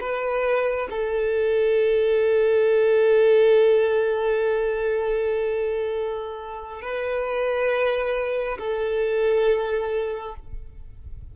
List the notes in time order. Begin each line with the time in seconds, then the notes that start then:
0.00 B4
0.89 A4
6.81 B4
8.58 A4